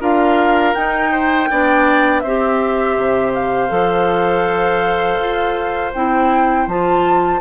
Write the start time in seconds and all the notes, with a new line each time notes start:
0.00 D4 F4 A#4 F5
0.74 D#4 G5
1.11 C5
1.50 B3 D4 D5
2.20 C4 C5 E5
2.26 G4
2.97 C3
3.33 F5
3.69 F3 A4
5.19 F4
5.94 C4 E4 G5
6.67 F3 F4 A5